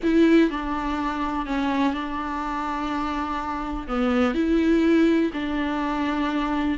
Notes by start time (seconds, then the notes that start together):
0.03 E4
0.50 D4
1.46 C#4
1.93 D4
3.87 B3
4.34 E4
5.33 D4